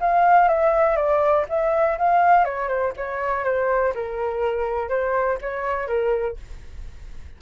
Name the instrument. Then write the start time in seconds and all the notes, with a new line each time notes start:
flute
0.00 F5
0.48 E5
0.96 D5
1.49 E5
1.98 F5
2.45 C#5
2.68 C5
2.96 C#5
3.44 C5
3.95 A#4
4.89 C5
5.41 C#5
5.87 A#4